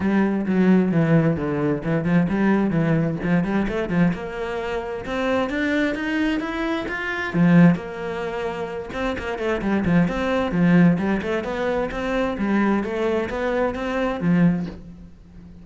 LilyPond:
\new Staff \with { instrumentName = "cello" } { \time 4/4 \tempo 4 = 131 g4 fis4 e4 d4 | e8 f8 g4 e4 f8 g8 | a8 f8 ais2 c'4 | d'4 dis'4 e'4 f'4 |
f4 ais2~ ais8 c'8 | ais8 a8 g8 f8 c'4 f4 | g8 a8 b4 c'4 g4 | a4 b4 c'4 f4 | }